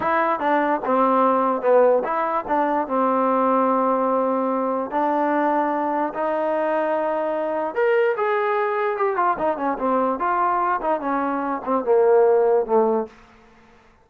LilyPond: \new Staff \with { instrumentName = "trombone" } { \time 4/4 \tempo 4 = 147 e'4 d'4 c'2 | b4 e'4 d'4 c'4~ | c'1 | d'2. dis'4~ |
dis'2. ais'4 | gis'2 g'8 f'8 dis'8 cis'8 | c'4 f'4. dis'8 cis'4~ | cis'8 c'8 ais2 a4 | }